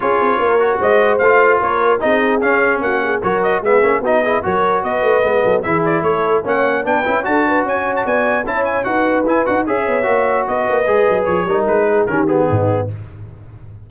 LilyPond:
<<
  \new Staff \with { instrumentName = "trumpet" } { \time 4/4 \tempo 4 = 149 cis''2 dis''4 f''4 | cis''4 dis''4 f''4 fis''4 | cis''8 dis''8 e''4 dis''4 cis''4 | dis''2 e''8 d''8 cis''4 |
fis''4 g''4 a''4 gis''8. a''16 | gis''4 a''8 gis''8 fis''4 gis''8 fis''8 | e''2 dis''2 | cis''4 b'4 ais'8 gis'4. | }
  \new Staff \with { instrumentName = "horn" } { \time 4/4 gis'4 ais'4 c''2 | ais'4 gis'2 fis'8 gis'8 | ais'4 gis'4 fis'8 gis'8 ais'4 | b'4. a'8 gis'4 a'4 |
cis''4 b'4 a'8 b'8 cis''4 | d''4 cis''4 b'2 | cis''2 b'2~ | b'8 ais'4 gis'8 g'4 dis'4 | }
  \new Staff \with { instrumentName = "trombone" } { \time 4/4 f'4. fis'4. f'4~ | f'4 dis'4 cis'2 | fis'4 b8 cis'8 dis'8 e'8 fis'4~ | fis'4 b4 e'2 |
cis'4 d'8 e'8 fis'2~ | fis'4 e'4 fis'4 e'8 fis'8 | gis'4 fis'2 gis'4~ | gis'8 dis'4. cis'8 b4. | }
  \new Staff \with { instrumentName = "tuba" } { \time 4/4 cis'8 c'8 ais4 gis4 a4 | ais4 c'4 cis'4 ais4 | fis4 gis8 ais8 b4 fis4 | b8 a8 gis8 fis8 e4 a4 |
ais4 b8 cis'8 d'4 cis'4 | b4 cis'4 dis'4 e'8 dis'8 | cis'8 b8 ais4 b8 ais8 gis8 fis8 | f8 g8 gis4 dis4 gis,4 | }
>>